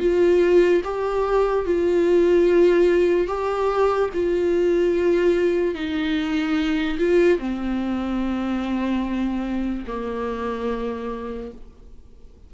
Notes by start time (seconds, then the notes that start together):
0.00 F4
0.84 G4
1.66 F4
3.28 G4
4.14 F4
5.75 D#4
6.99 F4
7.39 C4
9.87 A#3